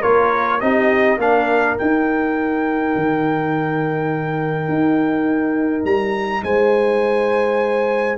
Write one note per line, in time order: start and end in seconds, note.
0.00 0.61 A#3
0.00 0.60 F4
0.00 0.58 A#4
0.00 0.60 C#5
0.60 1.17 C4
0.60 1.19 D#4
0.60 1.19 G4
0.60 1.18 D#5
1.17 1.76 A#3
1.17 1.76 D4
1.17 6.44 A#4
1.17 1.77 F5
1.76 8.17 D#4
1.76 2.95 D#4
1.76 5.85 G5
2.95 4.68 D#3
4.68 5.84 D#4
5.84 6.42 G3
5.84 6.43 A#5
6.43 8.17 G#3
6.43 8.17 C5
6.43 8.17 G#5